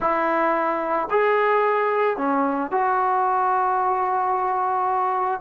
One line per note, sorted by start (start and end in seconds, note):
0.00 1.08 E4
1.10 2.17 G#4
2.17 2.71 C#4
2.71 5.41 F#4